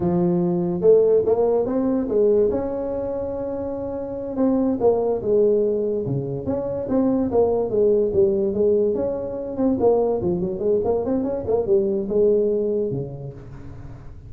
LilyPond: \new Staff \with { instrumentName = "tuba" } { \time 4/4 \tempo 4 = 144 f2 a4 ais4 | c'4 gis4 cis'2~ | cis'2~ cis'8 c'4 ais8~ | ais8 gis2 cis4 cis'8~ |
cis'8 c'4 ais4 gis4 g8~ | g8 gis4 cis'4. c'8 ais8~ | ais8 f8 fis8 gis8 ais8 c'8 cis'8 ais8 | g4 gis2 cis4 | }